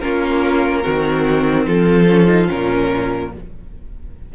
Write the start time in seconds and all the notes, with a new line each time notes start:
0.00 A#3 C#4 F4 A#4
0.83 D#3 C4 F#4
1.67 F3 F4 A4
2.08 C#4
2.27 D#4
2.47 A#2 C#4 A#4